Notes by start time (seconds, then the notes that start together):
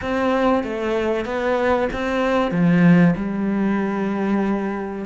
0.01 C4
0.63 A3
1.25 B3
1.93 C4
2.51 F3
3.16 G3